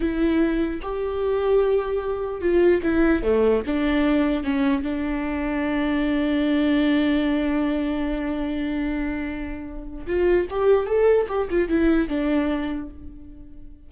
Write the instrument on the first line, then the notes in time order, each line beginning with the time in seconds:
viola
0.00 E4
0.82 G4
2.41 F4
2.82 E4
3.22 A3
3.66 D4
4.43 C#4
4.82 D4
10.06 F4
10.50 G4
10.86 A4
11.28 G4
11.50 F4
11.68 E4
12.08 D4